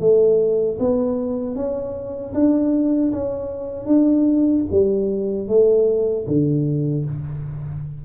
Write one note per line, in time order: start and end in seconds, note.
0.00 0.78 A3
0.79 1.55 B3
1.55 2.33 C#4
2.34 3.12 D4
3.12 3.86 C#4
3.86 4.64 D4
4.71 5.48 G3
5.48 6.26 A3
6.27 7.05 D3